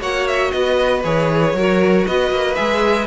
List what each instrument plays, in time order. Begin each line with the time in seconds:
0.00 cello A#3, viola F#4, violin C#5 F#5
0.27 violin E5
0.51 cello B3, violin B4 D#5
1.03 cello E3, viola G#4, violin C#5
1.54 cello F#3, viola F#4, violin A#4
2.06 cello B3, violin B4 D#5
2.31 cello A#3
2.55 cello G#3, viola G#4, violin E5